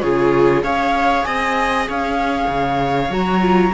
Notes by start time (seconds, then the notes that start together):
0.00 C#3 F4 G#4 C#5
0.62 C#4 G#4 C#5 F5
1.23 C4 D#5 G#5
1.88 C#4 C#5 F5
2.48 C#3
3.09 F#3 F#4 A#5
3.40 F4